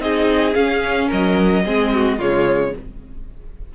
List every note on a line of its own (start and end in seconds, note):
0.00 0.55 C4
0.00 0.55 D#4
0.00 1.08 G#4
0.00 0.55 D#5
0.55 1.65 C#4
0.55 1.11 C#4
0.55 1.09 F5
1.08 1.66 F#3
1.08 1.63 A#4
1.08 2.21 D#5
1.66 2.19 G#3
1.66 2.21 C4
1.66 1.93 G#4
1.94 2.18 F#4
2.18 2.74 C#3
2.18 2.75 G#3
2.18 2.73 F4
2.18 2.76 C#5